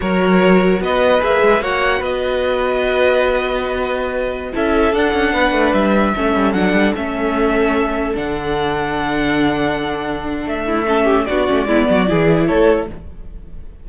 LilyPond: <<
  \new Staff \with { instrumentName = "violin" } { \time 4/4 \tempo 4 = 149 cis''2 dis''4 e''4 | fis''4 dis''2.~ | dis''2.~ dis''16 e''8.~ | e''16 fis''2 e''4.~ e''16~ |
e''16 fis''4 e''2~ e''8.~ | e''16 fis''2.~ fis''8.~ | fis''2 e''2 | d''2. cis''4 | }
  \new Staff \with { instrumentName = "violin" } { \time 4/4 ais'2 b'2 | cis''4 b'2.~ | b'2.~ b'16 a'8.~ | a'4~ a'16 b'2 a'8.~ |
a'1~ | a'1~ | a'2~ a'8 e'8 a'8 g'8 | fis'4 e'8 fis'8 gis'4 a'4 | }
  \new Staff \with { instrumentName = "viola" } { \time 4/4 fis'2. gis'4 | fis'1~ | fis'2.~ fis'16 e'8.~ | e'16 d'2. cis'8.~ |
cis'16 d'4 cis'2~ cis'8.~ | cis'16 d'2.~ d'8.~ | d'2. cis'4 | d'8 cis'8 b4 e'2 | }
  \new Staff \with { instrumentName = "cello" } { \time 4/4 fis2 b4 ais8 gis8 | ais4 b2.~ | b2.~ b16 cis'8.~ | cis'16 d'8 cis'8 b8 a8 g4 a8 g16~ |
g16 fis8 g8 a2~ a8.~ | a16 d2.~ d8.~ | d2 a2 | b8 a8 gis8 fis8 e4 a4 | }
>>